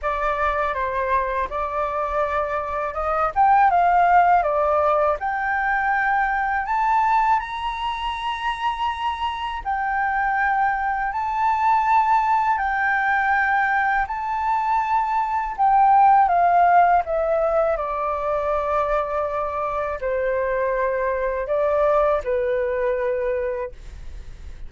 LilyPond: \new Staff \with { instrumentName = "flute" } { \time 4/4 \tempo 4 = 81 d''4 c''4 d''2 | dis''8 g''8 f''4 d''4 g''4~ | g''4 a''4 ais''2~ | ais''4 g''2 a''4~ |
a''4 g''2 a''4~ | a''4 g''4 f''4 e''4 | d''2. c''4~ | c''4 d''4 b'2 | }